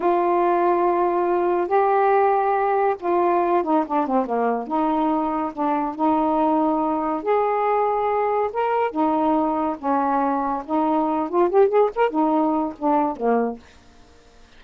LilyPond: \new Staff \with { instrumentName = "saxophone" } { \time 4/4 \tempo 4 = 141 f'1 | g'2. f'4~ | f'8 dis'8 d'8 c'8 ais4 dis'4~ | dis'4 d'4 dis'2~ |
dis'4 gis'2. | ais'4 dis'2 cis'4~ | cis'4 dis'4. f'8 g'8 gis'8 | ais'8 dis'4. d'4 ais4 | }